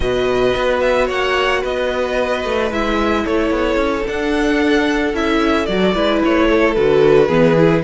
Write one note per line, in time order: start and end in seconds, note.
0.00 0.54 B2
0.00 2.70 F#4
0.00 1.06 B4
0.00 0.79 D#5
0.55 1.09 B3
0.80 1.07 E5
1.06 1.63 A#3
1.06 1.60 C#5
1.06 1.64 F#5
1.60 2.44 B3
1.60 3.23 B4
1.60 2.72 D#5
2.44 2.71 A3
2.70 3.25 G#3
2.70 4.05 E4
2.70 3.25 E5
3.24 3.50 A3
3.24 5.94 A4
3.24 4.07 C#5
3.50 3.76 B3
3.76 4.03 C#4
4.05 5.13 D4
4.05 5.14 F#5
5.13 5.67 C#4
5.13 5.67 E4
5.13 5.66 E5
5.66 5.95 F#3
5.66 5.94 F#4
5.66 6.20 D5
5.94 6.22 G#3
5.94 6.75 E4
5.94 6.48 B4
6.24 6.76 A3
6.24 6.73 C#5
6.49 7.28 A4
6.73 7.29 D3
6.73 7.29 F#4
6.73 7.82 B4
7.28 7.83 E3
7.28 7.56 B3
7.28 7.82 G#4
7.57 7.83 E4